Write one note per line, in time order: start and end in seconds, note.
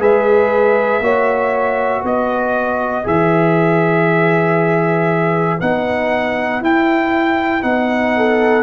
0.00 1.00 G#3
0.00 1.02 G#4
0.00 1.02 B4
0.00 2.06 E5
1.00 2.02 A#3
1.00 3.04 F#4
1.00 2.03 C#5
2.03 3.06 B3
2.03 8.13 B4
2.03 3.08 D#5
3.04 5.61 E3
3.04 5.59 G#4
3.04 5.61 E5
5.61 6.62 B3
5.61 6.63 D#4
5.61 6.63 F#5
6.62 7.63 E4
6.62 7.62 E4
6.62 7.63 G5
7.62 8.63 B3
7.62 8.63 D#4
7.62 8.63 F#5
8.17 8.63 A4